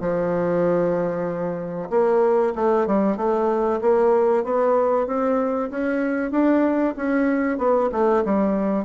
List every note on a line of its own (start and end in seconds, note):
0.00 1.89 F3
1.90 2.53 A#3
2.55 2.87 A3
2.87 3.16 G3
3.16 3.80 A3
3.81 4.44 A#3
4.44 5.07 B3
5.07 5.70 C4
5.70 6.31 C#4
6.31 6.94 D4
6.96 7.58 C#4
7.58 7.89 B3
7.92 8.23 A3
8.24 8.85 G3